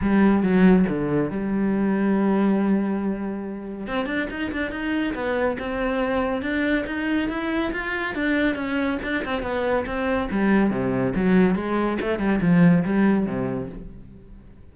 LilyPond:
\new Staff \with { instrumentName = "cello" } { \time 4/4 \tempo 4 = 140 g4 fis4 d4 g4~ | g1~ | g4 c'8 d'8 dis'8 d'8 dis'4 | b4 c'2 d'4 |
dis'4 e'4 f'4 d'4 | cis'4 d'8 c'8 b4 c'4 | g4 c4 fis4 gis4 | a8 g8 f4 g4 c4 | }